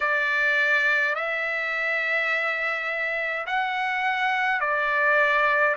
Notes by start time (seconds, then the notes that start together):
0.00 D5
1.15 E5
3.46 F#5
4.60 D5